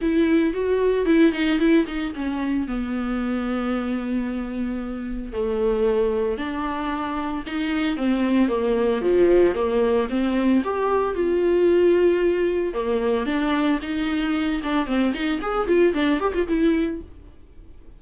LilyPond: \new Staff \with { instrumentName = "viola" } { \time 4/4 \tempo 4 = 113 e'4 fis'4 e'8 dis'8 e'8 dis'8 | cis'4 b2.~ | b2 a2 | d'2 dis'4 c'4 |
ais4 f4 ais4 c'4 | g'4 f'2. | ais4 d'4 dis'4. d'8 | c'8 dis'8 gis'8 f'8 d'8 g'16 f'16 e'4 | }